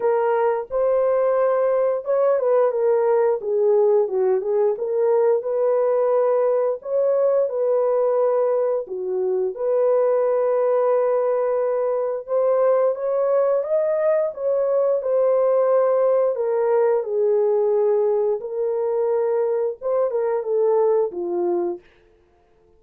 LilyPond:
\new Staff \with { instrumentName = "horn" } { \time 4/4 \tempo 4 = 88 ais'4 c''2 cis''8 b'8 | ais'4 gis'4 fis'8 gis'8 ais'4 | b'2 cis''4 b'4~ | b'4 fis'4 b'2~ |
b'2 c''4 cis''4 | dis''4 cis''4 c''2 | ais'4 gis'2 ais'4~ | ais'4 c''8 ais'8 a'4 f'4 | }